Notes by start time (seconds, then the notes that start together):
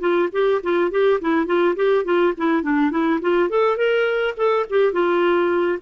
0.00 F4
0.32 G4
0.63 F4
0.91 G4
1.21 E4
1.46 F4
1.75 G4
2.04 F4
2.37 E4
2.62 D4
2.91 E4
3.21 F4
3.49 A4
3.77 A#4
4.36 A4
4.69 G4
4.92 F4